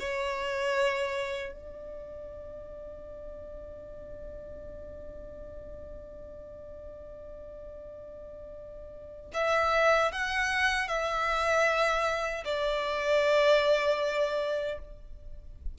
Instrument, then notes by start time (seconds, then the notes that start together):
violin
0.00 C#5
1.53 D5
9.34 E5
10.12 F#5
10.89 E5
12.45 D5